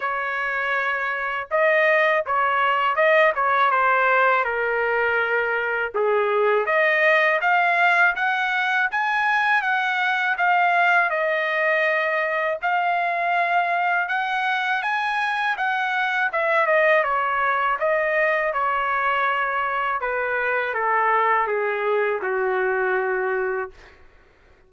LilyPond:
\new Staff \with { instrumentName = "trumpet" } { \time 4/4 \tempo 4 = 81 cis''2 dis''4 cis''4 | dis''8 cis''8 c''4 ais'2 | gis'4 dis''4 f''4 fis''4 | gis''4 fis''4 f''4 dis''4~ |
dis''4 f''2 fis''4 | gis''4 fis''4 e''8 dis''8 cis''4 | dis''4 cis''2 b'4 | a'4 gis'4 fis'2 | }